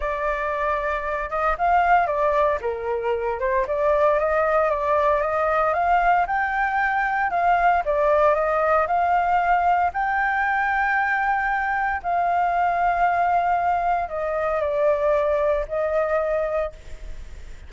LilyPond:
\new Staff \with { instrumentName = "flute" } { \time 4/4 \tempo 4 = 115 d''2~ d''8 dis''8 f''4 | d''4 ais'4. c''8 d''4 | dis''4 d''4 dis''4 f''4 | g''2 f''4 d''4 |
dis''4 f''2 g''4~ | g''2. f''4~ | f''2. dis''4 | d''2 dis''2 | }